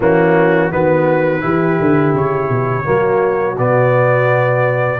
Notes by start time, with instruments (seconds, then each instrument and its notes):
0.00 tuba E3, trombone A#3, horn C#4, trumpet F#4
0.70 tuba D#3, trombone B3, horn F#4, trumpet B4
1.40 tuba E3, trombone E4, horn G4
1.81 tuba D3
2.13 tuba C#3, trumpet C#5
2.49 tuba B2
2.84 tuba F#3, trombone A#3, horn F#4
3.57 tuba B2, trombone B3, trumpet D5